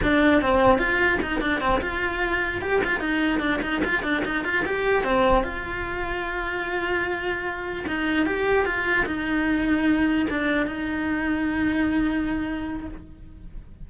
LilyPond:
\new Staff \with { instrumentName = "cello" } { \time 4/4 \tempo 4 = 149 d'4 c'4 f'4 dis'8 d'8 | c'8 f'2 g'8 f'8 dis'8~ | dis'8 d'8 dis'8 f'8 d'8 dis'8 f'8 g'8~ | g'8 c'4 f'2~ f'8~ |
f'2.~ f'8 dis'8~ | dis'8 g'4 f'4 dis'4.~ | dis'4. d'4 dis'4.~ | dis'1 | }